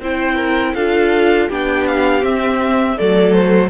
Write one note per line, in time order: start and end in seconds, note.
0.00 0.74 C4
0.00 0.76 E4
0.00 0.36 C5
0.00 0.74 G5
0.36 0.73 A#4
0.74 1.49 D4
0.74 1.50 F4
0.74 1.48 A4
0.74 1.48 F5
1.48 2.23 B3
1.48 2.21 D4
1.48 2.96 G4
1.48 1.87 G5
1.87 2.24 F5
2.21 2.95 C4
2.21 2.97 C4
2.21 2.98 E5
2.97 3.70 F#3
2.97 3.70 A3
2.97 3.70 A4
2.97 3.32 D5
3.32 3.69 C5